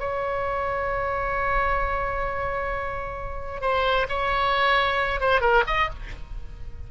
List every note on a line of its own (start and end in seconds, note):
0.00 3.62 C#5
3.62 4.07 C5
4.09 5.21 C#5
5.21 5.41 C5
5.41 5.64 A#4
5.68 5.90 D#5